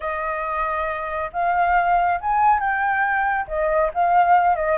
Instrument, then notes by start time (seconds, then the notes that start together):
flute
0.00 D#5
1.33 F5
2.20 G#5
2.59 G5
3.47 D#5
3.93 F5
4.56 D#5